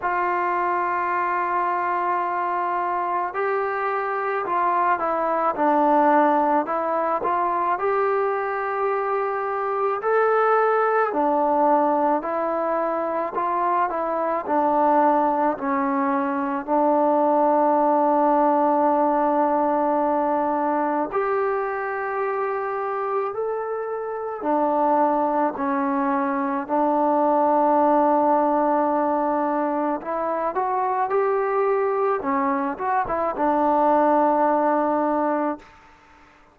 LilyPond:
\new Staff \with { instrumentName = "trombone" } { \time 4/4 \tempo 4 = 54 f'2. g'4 | f'8 e'8 d'4 e'8 f'8 g'4~ | g'4 a'4 d'4 e'4 | f'8 e'8 d'4 cis'4 d'4~ |
d'2. g'4~ | g'4 a'4 d'4 cis'4 | d'2. e'8 fis'8 | g'4 cis'8 fis'16 e'16 d'2 | }